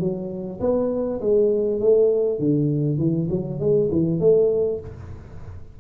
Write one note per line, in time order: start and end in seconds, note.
0.00 0.60 F#3
0.60 1.20 B3
1.21 1.80 G#3
1.80 2.39 A3
2.39 2.98 D3
2.98 3.28 E3
3.30 3.60 F#3
3.60 3.90 G#3
3.92 4.20 E3
4.20 4.80 A3